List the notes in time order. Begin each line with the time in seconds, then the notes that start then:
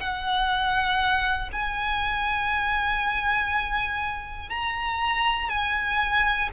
0.00 F#5
1.53 G#5
4.50 A#5
5.49 G#5